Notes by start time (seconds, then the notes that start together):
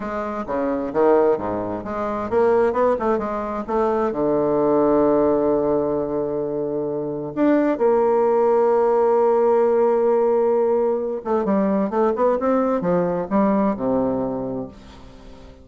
0.00 G#3
0.46 C#3
0.93 D#3
1.37 G#2
1.84 G#3
2.30 A#3
2.73 B3
2.99 A3
3.18 G#3
3.67 A3
4.12 D3
7.35 D4
7.77 A#3
11.24 A3
11.44 G3
11.89 A3
12.15 B3
12.39 C4
12.81 F3
13.30 G3
13.76 C3